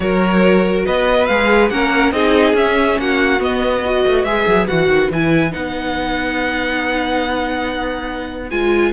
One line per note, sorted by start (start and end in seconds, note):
0.00 0.85 F#3
0.00 1.26 F#4
0.00 0.85 A#4
0.00 0.83 C#5
0.85 1.28 B3
0.85 1.70 B4
0.85 1.25 D#5
1.25 1.70 G#3
1.25 1.71 G#4
1.25 1.68 F5
1.69 2.11 A#3
1.69 2.13 C#4
1.69 2.13 A#4
1.69 2.12 F#5
2.11 2.53 C4
2.11 2.55 D#4
2.11 2.99 G#4
2.11 2.54 D#5
2.53 2.96 C#4
2.53 3.39 C#4
2.53 2.99 E5
2.98 3.40 A#3
2.98 3.84 F#4
2.98 3.42 F#5
3.39 3.81 B3
3.39 4.04 B3
3.39 4.24 D#5
3.84 4.26 F#4
3.84 8.93 B4
4.06 4.24 A3
4.24 4.45 G#3
4.24 4.67 G#4
4.24 4.66 E5
4.47 4.68 F#3
4.67 4.86 E3
4.67 5.10 F#4
4.67 5.09 F#5
4.86 5.08 D#3
5.10 5.53 E3
5.10 5.51 E4
5.10 5.52 G#5
5.51 8.51 B3
5.51 8.48 D#4
5.51 8.50 F#5
8.50 8.93 G#3
8.50 8.93 F4
8.50 8.92 G#5